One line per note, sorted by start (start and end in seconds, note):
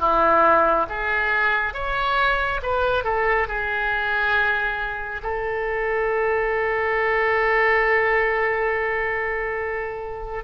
0.00 0.87 E4
0.90 1.74 G#4
1.74 2.61 C#5
2.63 3.05 B4
3.05 3.48 A4
3.48 5.22 G#4
5.23 10.44 A4